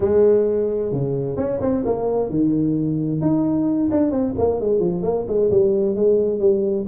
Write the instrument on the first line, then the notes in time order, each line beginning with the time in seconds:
tuba
0.00 G#3
0.92 C#3
1.36 C#4
1.61 C4
1.85 A#3
2.29 D#3
3.21 D#4
3.91 D4
4.11 C4
4.38 A#3
4.60 G#3
4.79 F3
5.02 A#3
5.27 G#3
5.50 G3
5.95 G#3
6.39 G3